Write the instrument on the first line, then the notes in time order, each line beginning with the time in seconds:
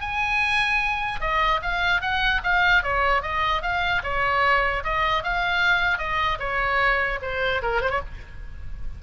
oboe
0.00 G#5
1.20 D#5
1.62 F5
2.01 F#5
2.43 F5
2.83 C#5
3.22 D#5
3.62 F5
4.03 C#5
4.83 D#5
5.23 F5
5.98 D#5
6.39 C#5
7.22 C5
7.62 A#4
7.81 C5
7.90 C#5